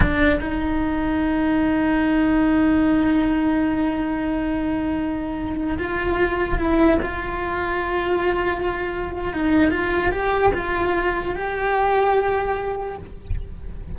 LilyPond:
\new Staff \with { instrumentName = "cello" } { \time 4/4 \tempo 4 = 148 d'4 dis'2.~ | dis'1~ | dis'1~ | dis'2~ dis'16 f'4.~ f'16~ |
f'16 e'4 f'2~ f'8.~ | f'2. dis'4 | f'4 g'4 f'2 | g'1 | }